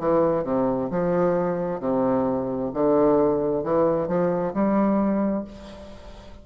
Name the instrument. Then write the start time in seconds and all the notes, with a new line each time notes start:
bassoon
0.00 E3
0.44 C3
0.91 F3
1.81 C3
2.74 D3
3.64 E3
4.08 F3
4.54 G3